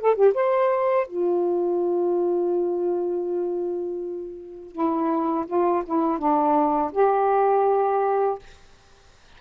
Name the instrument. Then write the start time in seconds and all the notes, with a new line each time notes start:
saxophone
0.00 A4
0.15 G4
0.34 C5
1.07 F4
4.72 E4
5.46 F4
5.85 E4
6.18 D4
6.92 G4